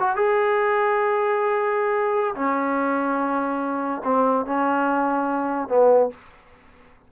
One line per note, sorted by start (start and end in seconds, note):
0.00 0.16 F#4
0.16 2.35 G#4
2.35 4.02 C#4
4.05 4.46 C4
4.46 5.69 C#4
5.69 6.10 B3